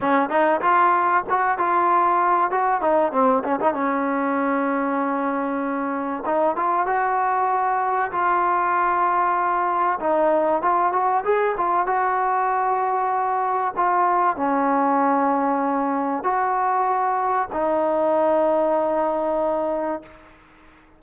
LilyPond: \new Staff \with { instrumentName = "trombone" } { \time 4/4 \tempo 4 = 96 cis'8 dis'8 f'4 fis'8 f'4. | fis'8 dis'8 c'8 cis'16 dis'16 cis'2~ | cis'2 dis'8 f'8 fis'4~ | fis'4 f'2. |
dis'4 f'8 fis'8 gis'8 f'8 fis'4~ | fis'2 f'4 cis'4~ | cis'2 fis'2 | dis'1 | }